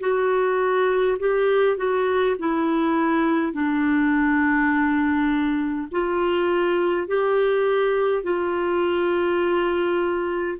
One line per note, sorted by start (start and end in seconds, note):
0.00 1.18 F#4
1.19 1.77 G4
1.77 2.36 F#4
2.39 3.52 E4
3.52 5.88 D4
5.91 7.07 F4
7.07 8.23 G4
8.23 10.58 F4